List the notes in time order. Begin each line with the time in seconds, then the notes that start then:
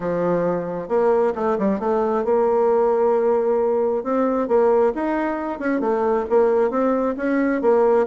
0.00 F3
0.88 A#3
1.35 A3
1.58 G3
1.79 A3
2.24 A#3
4.03 C4
4.48 A#3
4.94 D#4
5.59 C#4
5.80 A3
6.29 A#3
6.70 C4
7.16 C#4
7.61 A#3